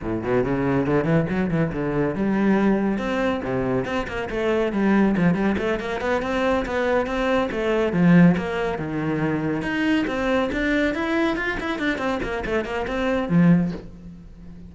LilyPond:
\new Staff \with { instrumentName = "cello" } { \time 4/4 \tempo 4 = 140 a,8 b,8 cis4 d8 e8 fis8 e8 | d4 g2 c'4 | c4 c'8 ais8 a4 g4 | f8 g8 a8 ais8 b8 c'4 b8~ |
b8 c'4 a4 f4 ais8~ | ais8 dis2 dis'4 c'8~ | c'8 d'4 e'4 f'8 e'8 d'8 | c'8 ais8 a8 ais8 c'4 f4 | }